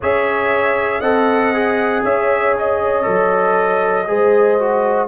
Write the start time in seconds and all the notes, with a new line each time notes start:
0.00 C#4 G#4 C#5 E5
1.00 C4 A4 D#5 F#5
1.53 G#4
2.04 C#4 C#5 E5
2.58 D#5
3.03 F#3 A4
4.07 G#3 G#4 C5
4.59 F#4